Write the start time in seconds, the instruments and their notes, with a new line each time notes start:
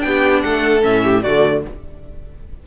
0.00 cello B3, viola D4, violin G5
0.06 violin G4
0.43 cello A3, violin A4 F#5
0.82 cello A2, viola C#4, violin E5
1.05 violin G4
1.23 cello D3, viola A3, violin F#4 D5